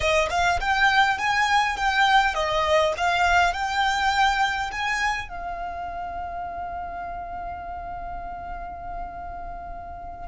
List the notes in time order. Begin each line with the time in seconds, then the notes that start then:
0.00 D#5
0.30 F5
0.60 G5
1.18 G#5
1.76 G5
2.34 D#5
2.97 F5
3.53 G5
4.71 G#5
5.28 F5